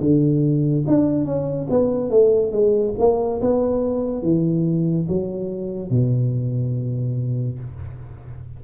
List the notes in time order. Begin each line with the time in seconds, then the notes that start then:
0.00 D3
0.87 D4
1.25 C#4
1.69 B3
2.10 A3
2.52 G#3
2.98 A#3
3.41 B3
4.22 E3
5.08 F#3
5.90 B2